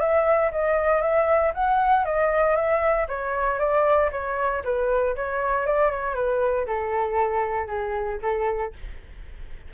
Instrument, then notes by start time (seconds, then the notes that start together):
flute
0.00 E5
0.52 D#5
1.02 E5
1.55 F#5
2.05 D#5
2.56 E5
3.09 C#5
3.59 D5
4.12 C#5
4.64 B4
5.16 C#5
5.66 D5
5.91 C#5
6.15 B4
6.67 A4
7.68 G#4
8.22 A4